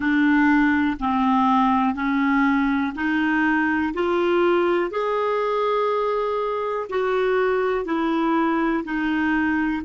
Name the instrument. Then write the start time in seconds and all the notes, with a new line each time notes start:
clarinet
0.00 D4
0.99 C4
1.94 C#4
2.95 D#4
3.93 F4
4.90 G#4
6.89 F#4
7.85 E4
8.84 D#4